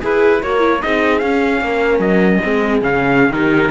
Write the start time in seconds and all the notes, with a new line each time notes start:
0.00 E4 G#4 B4
0.42 A#3 F#4 A#4 C#5
0.59 E4
0.82 C4 D#4 G#4 D#5
1.19 C#4 F5
1.61 A#3 A#4
1.99 F#3 D#5
2.42 G#3 C4 G#4
2.81 C#3 C#4 F5
3.29 D#3 D#4 G4 A#4